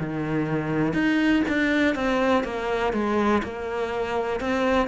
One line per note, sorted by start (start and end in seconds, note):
0.00 0.94 D#3
0.94 1.43 D#4
1.49 1.95 D4
1.95 2.45 C4
2.45 2.94 A#3
2.94 3.43 G#3
3.43 4.41 A#3
4.41 4.88 C4